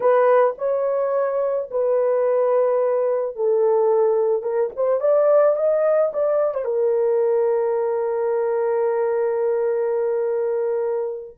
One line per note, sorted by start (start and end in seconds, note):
0.00 0.54 B4
0.58 1.69 C#5
1.70 3.35 B4
3.35 4.42 A4
4.42 4.70 A#4
4.76 5.00 C5
5.00 5.56 D5
5.56 6.11 D#5
6.13 6.54 D5
6.54 6.64 C5
6.64 11.36 A#4